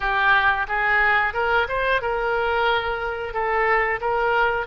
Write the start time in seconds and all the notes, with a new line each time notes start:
0.00 G4
0.68 G#4
1.33 A#4
1.68 C5
2.01 A#4
3.33 A4
4.01 A#4